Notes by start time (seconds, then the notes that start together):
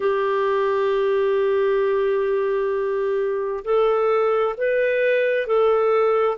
0.00 G4
3.64 A4
4.57 B4
5.46 A4